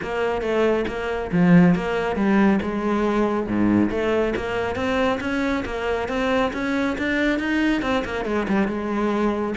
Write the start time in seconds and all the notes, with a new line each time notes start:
0.02 A#3
0.41 A3
0.87 A#3
1.31 F3
1.75 A#3
2.16 G3
2.62 G#3
3.46 G#2
3.90 A3
4.36 A#3
4.75 C4
5.20 C#4
5.65 A#3
6.08 C4
6.53 C#4
6.98 D4
7.39 D#4
7.82 C4
8.04 A#3
8.25 G#3
8.48 G3
8.67 G#3